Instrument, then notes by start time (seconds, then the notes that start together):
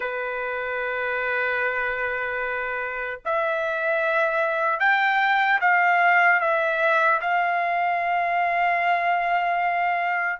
trumpet
0.00 B4
3.25 E5
4.79 G5
5.60 F5
6.40 E5
7.21 F5